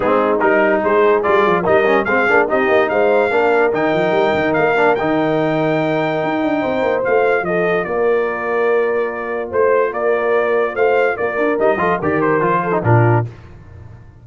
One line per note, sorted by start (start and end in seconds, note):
0.00 0.41 G#3
0.00 0.39 C4
0.00 0.82 D#4
0.00 0.39 G#4
0.40 0.82 G3
0.40 1.23 D#4
0.40 0.81 A#4
0.82 1.26 G#3
0.82 1.62 G#4
0.82 1.22 C5
1.22 1.46 G3
1.22 1.64 F4
1.22 1.63 D5
1.46 1.67 F3
1.62 2.06 G3
1.62 1.85 D#4
1.62 2.03 A#4
1.62 2.04 D#5
1.85 2.06 C#4
2.04 2.26 G#3
2.04 2.27 C4
2.04 2.48 G#4
2.04 2.46 F5
2.27 2.50 A#3
2.27 2.48 D4
2.48 2.68 C4
2.48 3.30 D#4
2.48 2.89 G4
2.48 2.89 D#5
2.68 2.88 A#3
2.89 3.30 G#3
2.89 3.32 C5
2.89 3.71 F5
3.30 3.72 A#3
3.30 3.72 D4
3.30 6.60 A#4
3.72 3.93 D#3
3.72 4.76 D#4
3.72 4.53 G5
3.93 4.11 F3
4.11 4.31 G3
4.34 4.54 D#3
4.53 4.99 A#3
4.53 4.95 F5
4.76 4.97 D4
4.95 6.23 D#3
4.95 7.02 D#4
4.95 7.02 G5
6.23 6.42 D#4
6.42 6.63 D4
6.60 6.82 C4
6.60 7.43 C5
6.82 7.02 A#3
7.02 7.41 A3
7.02 11.57 F4
7.02 7.45 F5
7.41 7.83 F3
7.41 7.87 A4
7.41 7.84 D#5
7.84 9.51 A#3
7.84 9.50 A#4
7.84 9.50 D5
9.50 9.91 A3
9.50 9.91 C5
9.50 9.93 C5
9.91 10.74 A#3
9.91 10.74 A#4
9.91 10.75 D5
10.74 11.15 A3
10.74 11.16 C5
10.74 11.16 F5
11.16 11.37 A#3
11.16 11.79 A#4
11.16 11.58 D5
11.37 11.58 D4
11.58 11.76 G3
11.58 11.78 D#4
11.58 12.00 D#5
11.76 11.97 F3
11.76 11.99 F4
11.76 11.99 A4
11.99 12.40 D#3
11.99 12.41 G4
11.99 12.61 A#4
11.99 12.21 D5
12.21 12.83 C5
12.40 12.82 F3
12.40 12.71 F4
12.63 12.83 A4
12.71 12.82 D#4
12.83 13.25 A#2
12.83 13.24 D4
12.83 13.27 F4
12.83 13.25 A#4